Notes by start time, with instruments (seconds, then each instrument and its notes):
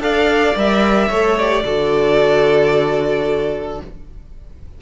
0.00 cello D4, viola A4, violin D5 F5
0.56 cello G3, viola A#4, violin E5
1.09 cello A3, viola A4, violin C#5
1.38 viola G4, violin D5
1.65 cello D3, viola F#4, violin A4